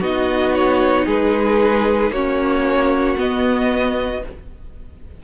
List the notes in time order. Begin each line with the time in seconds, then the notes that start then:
0.00 B3 D#4 F#4 D#5
0.54 C#5
1.05 G#3 G#4 B4
2.10 A#3 C#4 F#4 C#5
3.17 B3 D#5